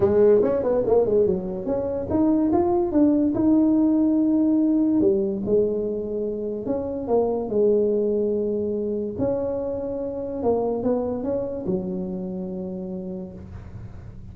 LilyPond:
\new Staff \with { instrumentName = "tuba" } { \time 4/4 \tempo 4 = 144 gis4 cis'8 b8 ais8 gis8 fis4 | cis'4 dis'4 f'4 d'4 | dis'1 | g4 gis2. |
cis'4 ais4 gis2~ | gis2 cis'2~ | cis'4 ais4 b4 cis'4 | fis1 | }